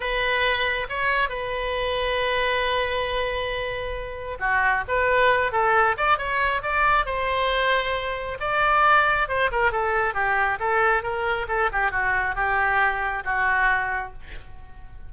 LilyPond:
\new Staff \with { instrumentName = "oboe" } { \time 4/4 \tempo 4 = 136 b'2 cis''4 b'4~ | b'1~ | b'2 fis'4 b'4~ | b'8 a'4 d''8 cis''4 d''4 |
c''2. d''4~ | d''4 c''8 ais'8 a'4 g'4 | a'4 ais'4 a'8 g'8 fis'4 | g'2 fis'2 | }